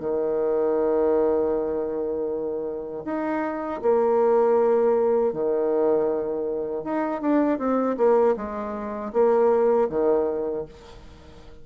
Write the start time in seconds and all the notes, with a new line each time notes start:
0.00 D#3
3.05 D#4
3.82 A#3
5.33 D#3
6.84 D#4
7.22 D4
7.59 C4
7.97 A#3
8.36 G#3
9.13 A#3
9.89 D#3